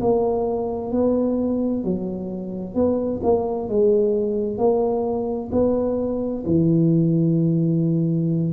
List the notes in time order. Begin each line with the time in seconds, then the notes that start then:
0.00 A#3
0.91 B3
1.84 F#3
2.74 B3
3.23 A#3
3.68 G#3
4.58 A#3
5.52 B3
6.46 E3